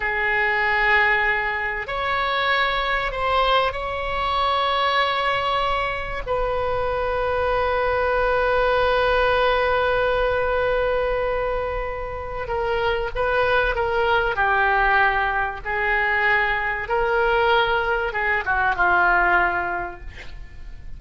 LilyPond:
\new Staff \with { instrumentName = "oboe" } { \time 4/4 \tempo 4 = 96 gis'2. cis''4~ | cis''4 c''4 cis''2~ | cis''2 b'2~ | b'1~ |
b'1 | ais'4 b'4 ais'4 g'4~ | g'4 gis'2 ais'4~ | ais'4 gis'8 fis'8 f'2 | }